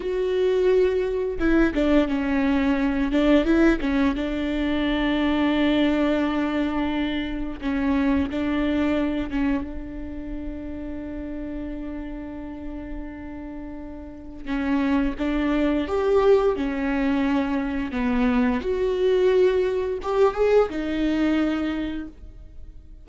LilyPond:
\new Staff \with { instrumentName = "viola" } { \time 4/4 \tempo 4 = 87 fis'2 e'8 d'8 cis'4~ | cis'8 d'8 e'8 cis'8 d'2~ | d'2. cis'4 | d'4. cis'8 d'2~ |
d'1~ | d'4 cis'4 d'4 g'4 | cis'2 b4 fis'4~ | fis'4 g'8 gis'8 dis'2 | }